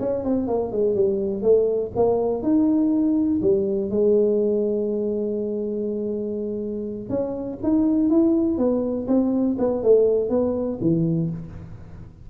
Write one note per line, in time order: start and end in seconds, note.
0.00 0.24 C#4
0.24 0.47 C4
0.47 0.72 A#3
0.72 0.95 G#3
0.95 1.42 G3
1.42 1.92 A3
1.96 2.43 A#3
2.43 3.41 D#4
3.42 3.90 G3
3.90 7.10 G#3
7.10 7.59 C#4
7.63 8.10 D#4
8.10 8.58 E4
8.58 9.07 B3
9.08 9.57 C4
9.59 9.83 B3
9.83 10.30 A3
10.30 10.79 B3
10.81 11.30 E3